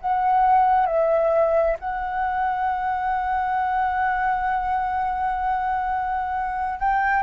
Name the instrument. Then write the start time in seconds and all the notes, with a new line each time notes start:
flute
0.00 F#5
0.86 E5
1.79 F#5
6.79 G5